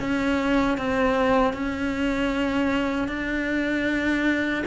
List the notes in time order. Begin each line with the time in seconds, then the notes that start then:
0.00 C#4
0.78 C4
1.54 C#4
3.09 D4